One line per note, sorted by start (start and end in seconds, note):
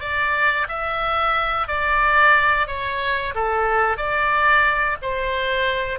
0.00 0.67 D5
0.68 1.67 E5
1.67 2.67 D5
2.67 3.34 C#5
3.35 3.97 A4
3.97 4.97 D5
5.02 5.99 C5